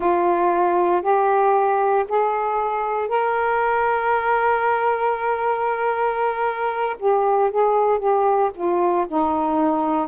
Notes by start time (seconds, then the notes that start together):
0.00 F4
1.02 G4
2.08 G#4
3.08 A#4
6.99 G4
7.50 G#4
7.98 G4
8.54 F4
9.08 D#4